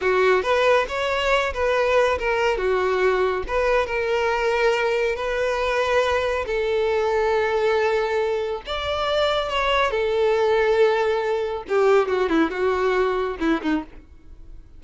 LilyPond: \new Staff \with { instrumentName = "violin" } { \time 4/4 \tempo 4 = 139 fis'4 b'4 cis''4. b'8~ | b'4 ais'4 fis'2 | b'4 ais'2. | b'2. a'4~ |
a'1 | d''2 cis''4 a'4~ | a'2. g'4 | fis'8 e'8 fis'2 e'8 dis'8 | }